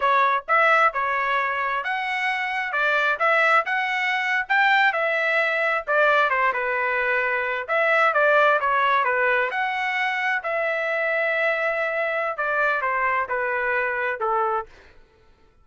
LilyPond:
\new Staff \with { instrumentName = "trumpet" } { \time 4/4 \tempo 4 = 131 cis''4 e''4 cis''2 | fis''2 d''4 e''4 | fis''4.~ fis''16 g''4 e''4~ e''16~ | e''8. d''4 c''8 b'4.~ b'16~ |
b'8. e''4 d''4 cis''4 b'16~ | b'8. fis''2 e''4~ e''16~ | e''2. d''4 | c''4 b'2 a'4 | }